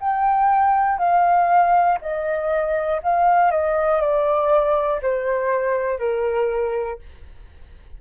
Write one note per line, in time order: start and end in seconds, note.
0.00 0.98 G5
0.98 1.98 F5
2.00 3.00 D#5
3.02 3.50 F5
3.50 4.00 D#5
4.00 5.00 D5
5.02 5.99 C5
5.99 6.99 A#4